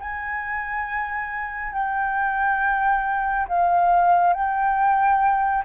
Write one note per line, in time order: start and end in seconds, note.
0.00 1.73 G#5
1.73 3.47 G5
3.48 4.34 F5
4.34 5.64 G5